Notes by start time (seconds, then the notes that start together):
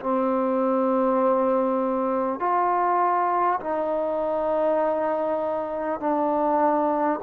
0.00 C4
2.40 F4
3.60 D#4
6.01 D4